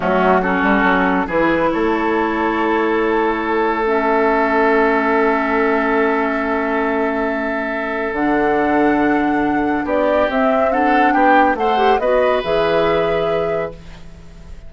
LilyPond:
<<
  \new Staff \with { instrumentName = "flute" } { \time 4/4 \tempo 4 = 140 fis'4 a'2 b'4 | cis''1~ | cis''4 e''2.~ | e''1~ |
e''2. fis''4~ | fis''2. d''4 | e''4 fis''4 g''4 fis''4 | dis''4 e''2. | }
  \new Staff \with { instrumentName = "oboe" } { \time 4/4 cis'4 fis'2 gis'4 | a'1~ | a'1~ | a'1~ |
a'1~ | a'2. g'4~ | g'4 a'4 g'4 c''4 | b'1 | }
  \new Staff \with { instrumentName = "clarinet" } { \time 4/4 a4 cis'2 e'4~ | e'1~ | e'4 cis'2.~ | cis'1~ |
cis'2. d'4~ | d'1 | c'4 d'2 a'8 g'8 | fis'4 gis'2. | }
  \new Staff \with { instrumentName = "bassoon" } { \time 4/4 fis4. g8 fis4 e4 | a1~ | a1~ | a1~ |
a2. d4~ | d2. b4 | c'2 b4 a4 | b4 e2. | }
>>